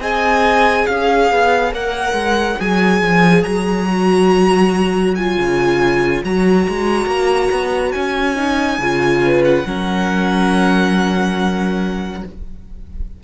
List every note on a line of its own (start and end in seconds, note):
0.00 0.87 C4
0.00 1.71 G#4
0.00 0.86 D#5
0.00 0.87 G#5
0.86 1.31 C#4
0.86 9.21 C#5
0.86 1.72 F5
1.31 1.73 B3
1.71 2.13 A#3
1.71 2.57 A#4
1.71 2.61 F#5
2.13 2.56 G#3
2.60 3.01 F#3
2.60 3.87 G#4
2.60 3.43 G#5
3.01 3.44 F3
3.43 5.37 F#3
3.43 5.15 A#5
3.87 5.15 F#4
5.15 6.25 F4
5.15 6.22 G#5
5.37 6.23 C#3
6.25 6.68 F#3
6.25 8.36 F#4
6.25 7.92 A#5
6.68 7.06 G#3
7.06 7.49 A#3
7.52 7.94 B3
7.92 8.79 C#4
7.92 9.42 G#5
8.36 8.79 D#4
8.79 9.64 C#3
8.79 9.66 F4
9.25 9.67 B4
9.45 12.23 F#5
9.66 12.24 F#3
9.66 12.23 C#4
9.66 12.24 A#4